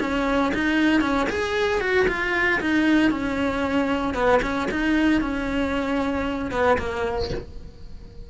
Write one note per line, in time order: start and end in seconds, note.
0.00 0.52 C#4
0.54 1.01 D#4
1.01 1.27 C#4
1.29 1.80 G#4
1.80 2.06 F#4
2.08 2.60 F4
2.60 3.10 D#4
3.10 4.14 C#4
4.14 4.40 B3
4.42 4.68 C#4
4.71 5.20 D#4
5.20 6.51 C#4
6.51 6.77 B3
6.78 7.30 A#3